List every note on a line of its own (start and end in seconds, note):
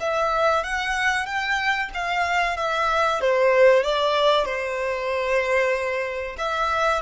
0.00 0.64 E5
0.64 1.26 F#5
1.26 1.90 G5
1.94 2.57 F5
2.57 3.21 E5
3.21 3.83 C5
3.83 4.45 D5
4.45 6.37 C5
6.38 7.02 E5